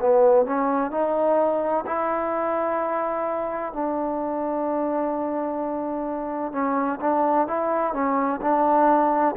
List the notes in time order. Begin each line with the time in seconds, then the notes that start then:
0.00 B3
0.46 C#4
0.91 D#4
1.86 E4
3.73 D4
6.52 C#4
7.01 D4
7.47 E4
7.93 C#4
8.41 D4